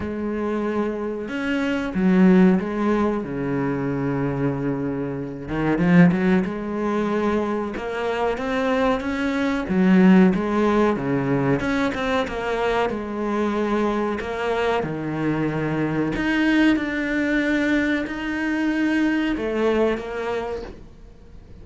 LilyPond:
\new Staff \with { instrumentName = "cello" } { \time 4/4 \tempo 4 = 93 gis2 cis'4 fis4 | gis4 cis2.~ | cis8 dis8 f8 fis8 gis2 | ais4 c'4 cis'4 fis4 |
gis4 cis4 cis'8 c'8 ais4 | gis2 ais4 dis4~ | dis4 dis'4 d'2 | dis'2 a4 ais4 | }